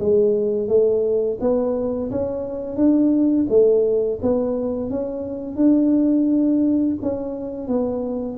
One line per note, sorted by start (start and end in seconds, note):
0.00 0.68 G#3
0.68 1.38 A3
1.41 2.11 B3
2.11 2.77 C#4
2.77 3.46 D4
3.49 4.19 A3
4.22 4.90 B3
4.90 5.56 C#4
5.56 6.96 D4
7.02 7.68 C#4
7.68 8.38 B3